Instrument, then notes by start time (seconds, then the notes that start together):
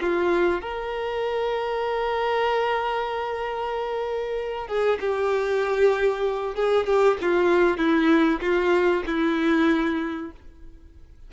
violin
0.00 F4
0.61 A#4
4.67 G#4
5.00 G4
6.55 G#4
6.86 G4
7.21 F4
7.78 E4
8.40 F4
9.06 E4